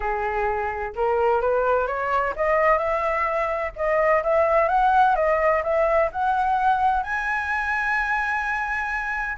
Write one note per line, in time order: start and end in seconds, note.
0.00 0.93 G#4
0.95 1.41 A#4
1.41 1.87 B4
1.87 2.34 C#5
2.36 2.78 D#5
2.78 3.71 E5
3.76 4.23 D#5
4.23 4.68 E5
4.68 5.15 F#5
5.15 5.62 D#5
5.63 6.10 E5
6.12 7.03 F#5
7.03 9.37 G#5